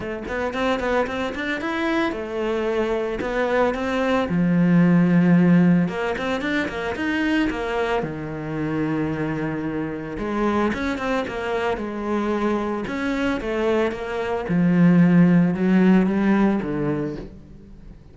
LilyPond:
\new Staff \with { instrumentName = "cello" } { \time 4/4 \tempo 4 = 112 a8 b8 c'8 b8 c'8 d'8 e'4 | a2 b4 c'4 | f2. ais8 c'8 | d'8 ais8 dis'4 ais4 dis4~ |
dis2. gis4 | cis'8 c'8 ais4 gis2 | cis'4 a4 ais4 f4~ | f4 fis4 g4 d4 | }